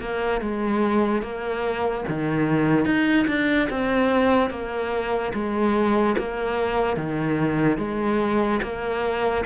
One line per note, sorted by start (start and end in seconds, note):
0.00 0.41 A#3
0.41 1.22 G#3
1.22 2.04 A#3
2.08 2.85 D#3
2.85 3.27 D#4
3.28 3.69 D4
3.70 4.51 C4
4.51 5.33 A#3
5.34 6.16 G#3
6.18 6.97 A#3
6.97 7.78 D#3
7.78 8.60 G#3
8.63 9.45 A#3